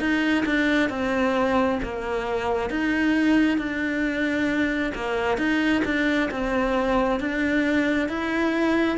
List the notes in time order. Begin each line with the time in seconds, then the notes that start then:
0.00 D#4
0.46 D4
0.90 C4
1.83 A#3
2.70 D#4
3.59 D4
4.95 A#3
5.38 D#4
5.85 D4
6.31 C4
7.20 D4
8.09 E4